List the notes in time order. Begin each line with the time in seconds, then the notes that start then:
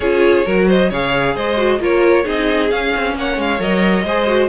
0.00 C#4 F4 G#4 C#5
0.45 F#3 F#4 A#4
0.68 C5 D#5
0.89 C#3 G#4 C#5 F5
1.34 G#3 C5 D#5
1.56 F#4
1.79 A#3 F4 A#4 C#5
2.24 C4 D#4 G#4 D#5
2.70 C#4 F5
2.96 C4
3.15 A#3 C#5 F#5
3.37 G#3 F5
3.58 F#3 A#4 D#5
4.04 G#3 G#4 C5
4.26 F#4